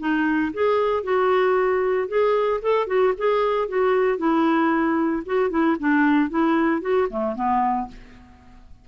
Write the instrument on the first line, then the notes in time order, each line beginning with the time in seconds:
clarinet
0.00 D#4
0.54 G#4
1.04 F#4
2.09 G#4
2.62 A4
2.88 F#4
3.18 G#4
3.68 F#4
4.18 E4
5.26 F#4
5.50 E4
5.80 D4
6.30 E4
6.82 F#4
7.10 A3
7.36 B3